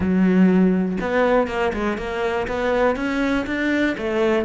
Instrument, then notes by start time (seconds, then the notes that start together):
cello
0.00 F#3
1.00 B3
1.47 A#3
1.73 G#3
1.97 A#3
2.47 B3
2.96 C#4
3.46 D4
3.97 A3